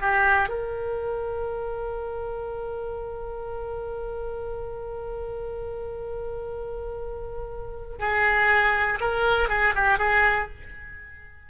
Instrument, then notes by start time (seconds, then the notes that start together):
oboe
0.00 G4
0.48 A#4
7.99 G#4
9.00 A#4
9.49 G#4
9.75 G4
9.98 G#4